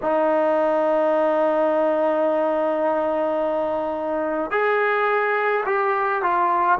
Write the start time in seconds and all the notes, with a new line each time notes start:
0.02 D#4
4.50 G#4
5.66 G4
6.22 F4